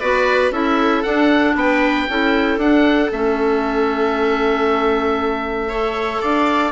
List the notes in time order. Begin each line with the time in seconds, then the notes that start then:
0.00 B3 F#4 B4 D5
0.51 C#4 E4 A4 E5
1.03 D4 F#5
1.55 B3 B4 G5
2.09 C#4 E4 A4
2.58 D4 F#5
3.12 A3 C#4 E5
5.69 A4 C#5
6.21 D4 D5 F5